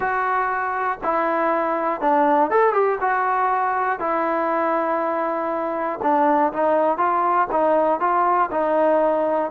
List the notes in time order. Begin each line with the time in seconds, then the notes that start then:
0.00 F#4
1.03 E4
2.00 D4
2.50 A4
2.73 G4
3.00 F#4
3.99 E4
6.02 D4
6.52 D#4
6.97 F4
7.51 D#4
8.00 F4
8.51 D#4